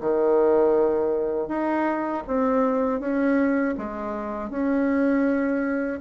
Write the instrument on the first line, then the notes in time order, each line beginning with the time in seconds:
bassoon
0.00 D#3
1.48 D#4
2.27 C4
3.00 C#4
3.77 G#3
4.50 C#4